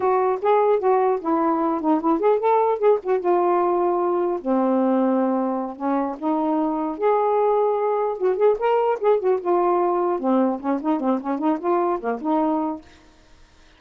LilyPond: \new Staff \with { instrumentName = "saxophone" } { \time 4/4 \tempo 4 = 150 fis'4 gis'4 fis'4 e'4~ | e'8 dis'8 e'8 gis'8 a'4 gis'8 fis'8 | f'2. c'4~ | c'2~ c'8 cis'4 dis'8~ |
dis'4. gis'2~ gis'8~ | gis'8 fis'8 gis'8 ais'4 gis'8 fis'8 f'8~ | f'4. c'4 cis'8 dis'8 c'8 | cis'8 dis'8 f'4 ais8 dis'4. | }